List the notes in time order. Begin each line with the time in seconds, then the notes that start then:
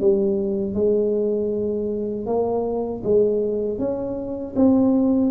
0.00 G3
0.74 G#3
2.26 A#3
3.03 G#3
3.79 C#4
4.56 C4